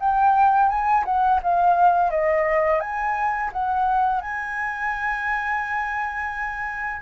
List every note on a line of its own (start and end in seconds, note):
0.00 0.69 G5
0.69 1.05 G#5
1.05 1.41 F#5
1.43 2.11 F5
2.11 2.80 D#5
2.80 3.51 G#5
3.53 4.21 F#5
4.21 7.02 G#5